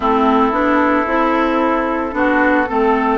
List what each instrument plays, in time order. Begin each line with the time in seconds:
0.00 bassoon A3, clarinet C4, oboe E4, flute A4
0.51 bassoon B3, clarinet D4
1.06 bassoon C4, clarinet E4
2.12 bassoon B3, clarinet D4, oboe F#4
2.68 bassoon A3, clarinet C4, oboe A4